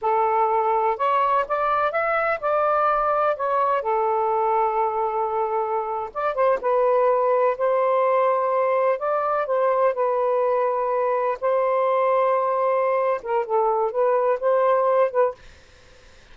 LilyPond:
\new Staff \with { instrumentName = "saxophone" } { \time 4/4 \tempo 4 = 125 a'2 cis''4 d''4 | e''4 d''2 cis''4 | a'1~ | a'8. d''8 c''8 b'2 c''16~ |
c''2~ c''8. d''4 c''16~ | c''8. b'2. c''16~ | c''2.~ c''8 ais'8 | a'4 b'4 c''4. b'8 | }